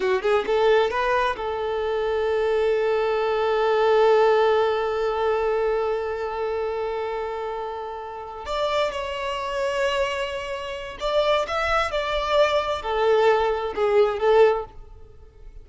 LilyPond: \new Staff \with { instrumentName = "violin" } { \time 4/4 \tempo 4 = 131 fis'8 gis'8 a'4 b'4 a'4~ | a'1~ | a'1~ | a'1~ |
a'2~ a'8 d''4 cis''8~ | cis''1 | d''4 e''4 d''2 | a'2 gis'4 a'4 | }